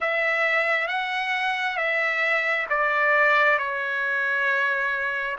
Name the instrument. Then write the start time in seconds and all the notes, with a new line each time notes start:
trumpet
0.00 E5
0.87 F#5
1.77 E5
2.69 D5
3.58 C#5